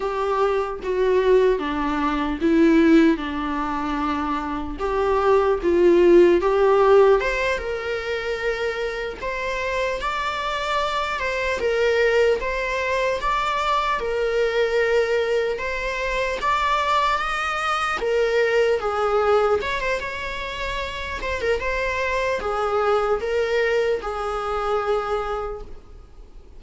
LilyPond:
\new Staff \with { instrumentName = "viola" } { \time 4/4 \tempo 4 = 75 g'4 fis'4 d'4 e'4 | d'2 g'4 f'4 | g'4 c''8 ais'2 c''8~ | c''8 d''4. c''8 ais'4 c''8~ |
c''8 d''4 ais'2 c''8~ | c''8 d''4 dis''4 ais'4 gis'8~ | gis'8 cis''16 c''16 cis''4. c''16 ais'16 c''4 | gis'4 ais'4 gis'2 | }